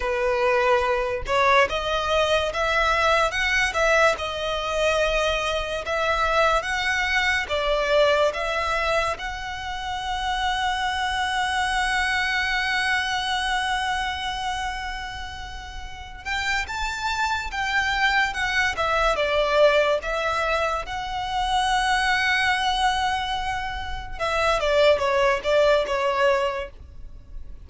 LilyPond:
\new Staff \with { instrumentName = "violin" } { \time 4/4 \tempo 4 = 72 b'4. cis''8 dis''4 e''4 | fis''8 e''8 dis''2 e''4 | fis''4 d''4 e''4 fis''4~ | fis''1~ |
fis''2.~ fis''8 g''8 | a''4 g''4 fis''8 e''8 d''4 | e''4 fis''2.~ | fis''4 e''8 d''8 cis''8 d''8 cis''4 | }